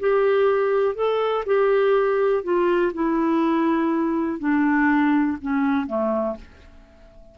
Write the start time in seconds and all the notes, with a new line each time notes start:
0.00 G4
0.95 A4
1.46 G4
2.43 F4
2.93 E4
4.39 D4
5.41 C#4
5.87 A3